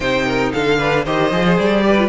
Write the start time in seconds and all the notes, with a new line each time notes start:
0.00 C3 D#4 C5 G5
0.25 A#4
0.52 D3 A4 F5
0.78 D4 B4
1.04 D#3 G4 C5 D#5
1.31 F3 G#4
1.58 G3 D5
1.83 G4 B4
1.98 F4